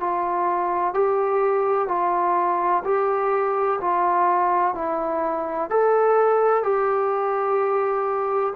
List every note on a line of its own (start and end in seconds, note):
0.00 0.94 F4
0.94 1.88 G4
1.88 2.83 F4
2.84 3.79 G4
3.81 4.74 F4
4.74 5.70 E4
5.70 6.63 A4
6.63 8.53 G4